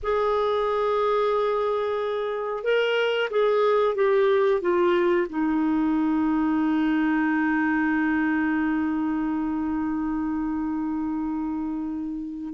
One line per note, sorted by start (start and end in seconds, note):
0.02 2.63 G#4
2.63 3.29 A#4
3.30 3.95 G#4
3.95 4.61 G4
4.61 5.27 F4
5.29 12.54 D#4